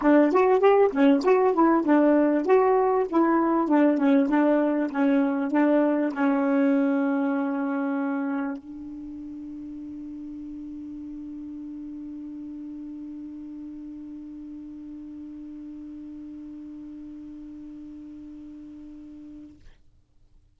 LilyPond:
\new Staff \with { instrumentName = "saxophone" } { \time 4/4 \tempo 4 = 98 d'8 fis'8 g'8 cis'8 fis'8 e'8 d'4 | fis'4 e'4 d'8 cis'8 d'4 | cis'4 d'4 cis'2~ | cis'2 d'2~ |
d'1~ | d'1~ | d'1~ | d'1 | }